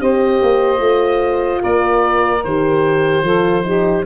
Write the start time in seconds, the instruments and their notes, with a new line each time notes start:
0.00 tuba C4, horn G4, saxophone C5, oboe D#5
0.42 tuba A#3
0.78 tuba A3, horn F4
1.61 tuba A#3, saxophone A#4, oboe D5
2.44 tuba D#3, horn G4, oboe C5
3.22 tuba F3, horn F4, saxophone A4
3.63 horn D#4, saxophone G4